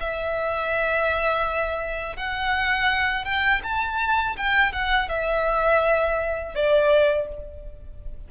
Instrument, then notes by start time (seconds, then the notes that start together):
violin
0.00 E5
2.17 F#5
3.25 G5
3.63 A5
4.37 G5
4.73 F#5
5.09 E5
6.55 D5